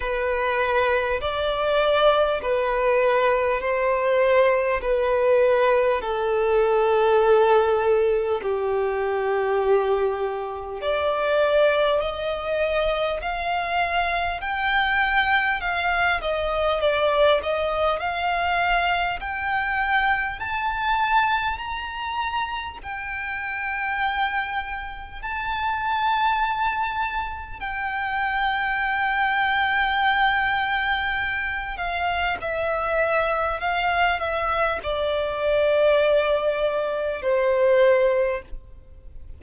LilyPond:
\new Staff \with { instrumentName = "violin" } { \time 4/4 \tempo 4 = 50 b'4 d''4 b'4 c''4 | b'4 a'2 g'4~ | g'4 d''4 dis''4 f''4 | g''4 f''8 dis''8 d''8 dis''8 f''4 |
g''4 a''4 ais''4 g''4~ | g''4 a''2 g''4~ | g''2~ g''8 f''8 e''4 | f''8 e''8 d''2 c''4 | }